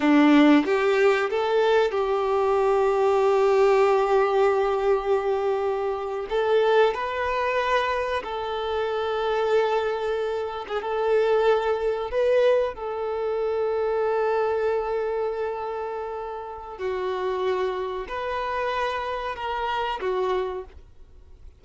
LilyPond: \new Staff \with { instrumentName = "violin" } { \time 4/4 \tempo 4 = 93 d'4 g'4 a'4 g'4~ | g'1~ | g'4.~ g'16 a'4 b'4~ b'16~ | b'8. a'2.~ a'16~ |
a'8 gis'16 a'2 b'4 a'16~ | a'1~ | a'2 fis'2 | b'2 ais'4 fis'4 | }